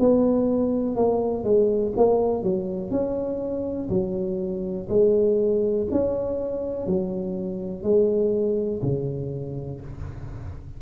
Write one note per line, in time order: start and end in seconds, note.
0.00 0.96 B3
0.96 1.44 A#3
1.44 1.94 G#3
1.97 2.44 A#3
2.44 2.91 F#3
2.91 3.89 C#4
3.90 4.88 F#3
4.90 5.88 G#3
5.92 6.87 C#4
6.87 7.84 F#3
7.84 8.82 G#3
8.83 9.81 C#3